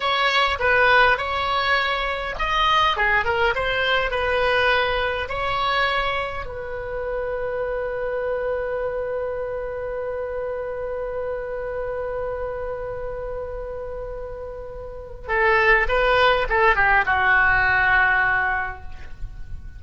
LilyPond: \new Staff \with { instrumentName = "oboe" } { \time 4/4 \tempo 4 = 102 cis''4 b'4 cis''2 | dis''4 gis'8 ais'8 c''4 b'4~ | b'4 cis''2 b'4~ | b'1~ |
b'1~ | b'1~ | b'2 a'4 b'4 | a'8 g'8 fis'2. | }